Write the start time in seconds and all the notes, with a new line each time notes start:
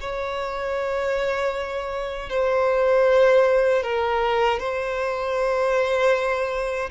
0.00 C#5
2.29 C5
3.83 A#4
4.59 C5